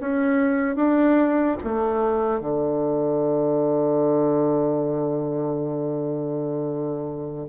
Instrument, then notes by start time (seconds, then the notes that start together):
bassoon
0.00 C#4
0.76 D4
1.64 A3
2.40 D3